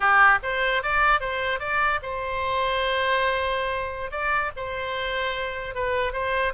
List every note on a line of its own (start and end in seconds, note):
0.00 0.39 G4
0.42 0.82 C5
0.82 1.20 D5
1.20 1.59 C5
1.59 2.00 D5
2.02 4.11 C5
4.11 4.51 D5
4.56 5.74 C5
5.74 6.12 B4
6.12 6.53 C5